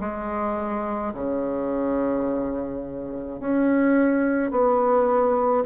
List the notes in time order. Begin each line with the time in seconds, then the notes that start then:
0.00 G#3
1.14 C#3
3.40 C#4
4.51 B3